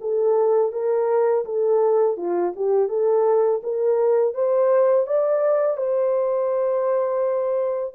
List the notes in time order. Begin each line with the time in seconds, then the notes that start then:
0.00 A4
0.72 A#4
1.45 A4
2.17 F4
2.56 G4
2.88 A4
3.63 A#4
4.34 C5
5.06 D5
5.77 C5